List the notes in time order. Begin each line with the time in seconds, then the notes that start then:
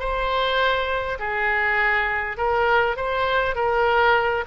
0.00 C5
1.20 G#4
2.38 A#4
2.97 C5
3.56 A#4